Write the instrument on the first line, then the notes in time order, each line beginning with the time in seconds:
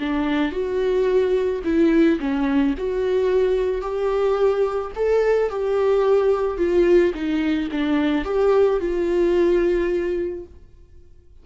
viola
0.00 D4
0.52 F#4
1.64 E4
2.20 C#4
2.78 F#4
3.82 G4
4.95 A4
5.50 G4
6.58 F4
7.14 D#4
7.71 D4
8.25 G4
8.80 F4